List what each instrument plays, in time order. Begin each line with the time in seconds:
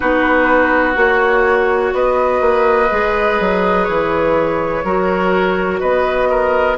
0.00 bassoon B3, clarinet D#4, oboe F#4, flute B4
0.93 bassoon A#3, clarinet F#4, flute C#5
1.93 bassoon B3, oboe B4, flute D#5
2.40 bassoon A#3
2.90 bassoon G#3, clarinet G#4
3.40 bassoon F#3
3.84 bassoon E3, flute C#5
4.83 bassoon F#3, clarinet F#4, oboe A#4
5.80 bassoon B3, oboe B4, flute D#5
6.30 oboe A#4